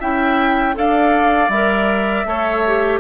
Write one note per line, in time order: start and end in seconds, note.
0.00 0.77 C#4
0.00 0.75 E4
0.00 0.75 E5
0.00 0.77 G5
0.75 1.49 D4
0.75 1.50 A4
0.75 2.28 D5
0.75 1.50 F5
1.49 2.24 G3
1.49 2.26 A#4
1.49 3.00 E5
2.25 3.00 A3
2.25 2.63 A4
2.25 3.00 C#5
2.67 3.00 G4